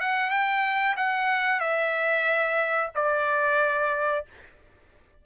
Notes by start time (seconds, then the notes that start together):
0.00 F#5
0.30 G5
0.96 F#5
1.60 E5
2.94 D5